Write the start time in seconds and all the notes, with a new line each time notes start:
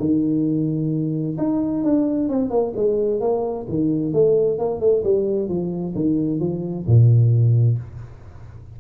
0.00 D#3
1.38 D#4
1.84 D4
2.29 C4
2.50 A#3
2.76 G#3
3.20 A#3
3.69 D#3
4.13 A3
4.59 A#3
4.80 A3
5.04 G3
5.49 F3
5.95 D#3
6.40 F3
6.87 A#2